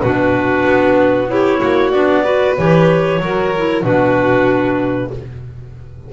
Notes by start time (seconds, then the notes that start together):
0.00 B2 D4 F#4 B4
0.65 B3
1.27 E4 G4 C#5
1.60 A#3 F#4
1.90 B3 D4 D5
2.23 F#4 B4
2.57 E3 G4 C#5
3.19 F#3 F#4 A#4
3.57 E4
3.82 B2 D4 F#4 B4